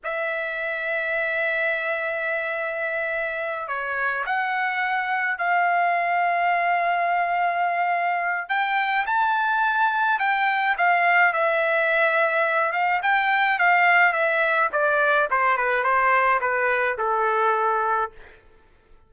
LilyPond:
\new Staff \with { instrumentName = "trumpet" } { \time 4/4 \tempo 4 = 106 e''1~ | e''2~ e''8 cis''4 fis''8~ | fis''4. f''2~ f''8~ | f''2. g''4 |
a''2 g''4 f''4 | e''2~ e''8 f''8 g''4 | f''4 e''4 d''4 c''8 b'8 | c''4 b'4 a'2 | }